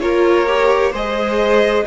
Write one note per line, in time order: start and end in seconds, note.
0.00 0.93 A#3
0.00 0.47 F4
0.00 0.91 A#4
0.00 0.92 C#5
0.47 0.93 G4
0.91 1.86 G#3
0.91 1.86 G#4
0.91 1.84 C5
0.91 1.86 D#5